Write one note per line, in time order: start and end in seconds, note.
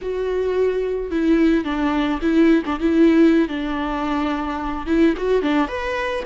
0.01 1.10 F#4
1.10 1.64 E4
1.64 2.20 D4
2.21 2.63 E4
2.65 2.79 D4
2.79 3.48 E4
3.48 4.86 D4
4.86 5.14 E4
5.17 5.41 F#4
5.41 5.68 D4
5.68 6.23 B4